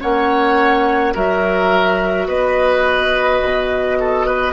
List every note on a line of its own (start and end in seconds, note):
0.00 1.15 A#3
0.00 1.13 C#4
0.00 1.13 C#5
0.00 1.14 F#5
1.13 2.27 F#3
1.13 4.53 F#4
1.13 2.27 A#4
1.13 2.27 E5
2.27 3.40 B3
2.27 3.97 B4
2.27 4.53 D#5
3.43 4.53 B2
4.00 4.26 A4
4.26 4.53 B4